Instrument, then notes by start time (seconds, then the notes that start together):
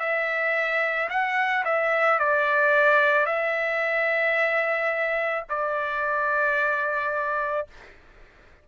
trumpet
0.00 E5
1.10 F#5
1.65 E5
2.20 D5
3.26 E5
5.49 D5